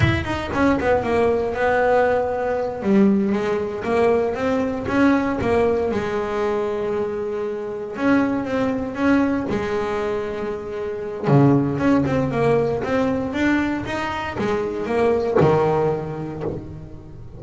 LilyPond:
\new Staff \with { instrumentName = "double bass" } { \time 4/4 \tempo 4 = 117 e'8 dis'8 cis'8 b8 ais4 b4~ | b4. g4 gis4 ais8~ | ais8 c'4 cis'4 ais4 gis8~ | gis2.~ gis8 cis'8~ |
cis'8 c'4 cis'4 gis4.~ | gis2 cis4 cis'8 c'8 | ais4 c'4 d'4 dis'4 | gis4 ais4 dis2 | }